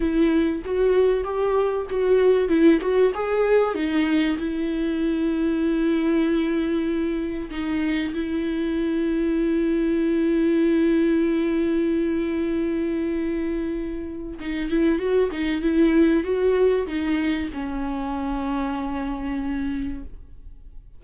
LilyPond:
\new Staff \with { instrumentName = "viola" } { \time 4/4 \tempo 4 = 96 e'4 fis'4 g'4 fis'4 | e'8 fis'8 gis'4 dis'4 e'4~ | e'1 | dis'4 e'2.~ |
e'1~ | e'2. dis'8 e'8 | fis'8 dis'8 e'4 fis'4 dis'4 | cis'1 | }